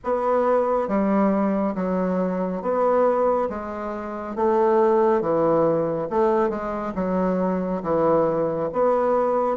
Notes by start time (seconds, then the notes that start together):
0.04 B3
0.87 G3
1.75 F#3
2.62 B3
3.49 G#3
4.35 A3
5.21 E3
6.09 A3
6.49 G#3
6.95 F#3
7.82 E3
8.72 B3